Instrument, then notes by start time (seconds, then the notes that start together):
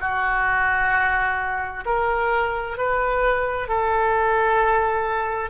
oboe
0.00 F#4
1.85 A#4
2.77 B4
3.68 A4